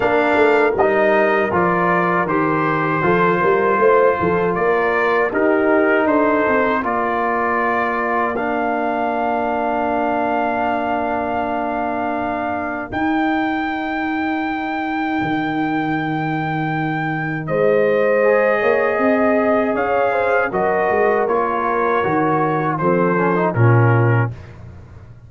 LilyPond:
<<
  \new Staff \with { instrumentName = "trumpet" } { \time 4/4 \tempo 4 = 79 f''4 dis''4 d''4 c''4~ | c''2 d''4 ais'4 | c''4 d''2 f''4~ | f''1~ |
f''4 g''2.~ | g''2. dis''4~ | dis''2 f''4 dis''4 | cis''2 c''4 ais'4 | }
  \new Staff \with { instrumentName = "horn" } { \time 4/4 ais'1 | a'8 ais'8 c''8 a'8 ais'4 g'4 | a'4 ais'2.~ | ais'1~ |
ais'1~ | ais'2. c''4~ | c''8 cis''8 dis''4 cis''8 c''8 ais'4~ | ais'2 a'4 f'4 | }
  \new Staff \with { instrumentName = "trombone" } { \time 4/4 d'4 dis'4 f'4 g'4 | f'2. dis'4~ | dis'4 f'2 d'4~ | d'1~ |
d'4 dis'2.~ | dis'1 | gis'2. fis'4 | f'4 fis'4 c'8 cis'16 dis'16 cis'4 | }
  \new Staff \with { instrumentName = "tuba" } { \time 4/4 ais8 a8 g4 f4 dis4 | f8 g8 a8 f8 ais4 dis'4 | d'8 c'8 ais2.~ | ais1~ |
ais4 dis'2. | dis2. gis4~ | gis8 ais8 c'4 cis'4 fis8 gis8 | ais4 dis4 f4 ais,4 | }
>>